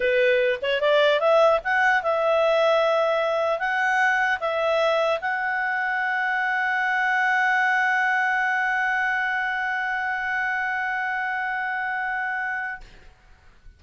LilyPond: \new Staff \with { instrumentName = "clarinet" } { \time 4/4 \tempo 4 = 150 b'4. cis''8 d''4 e''4 | fis''4 e''2.~ | e''4 fis''2 e''4~ | e''4 fis''2.~ |
fis''1~ | fis''1~ | fis''1~ | fis''1 | }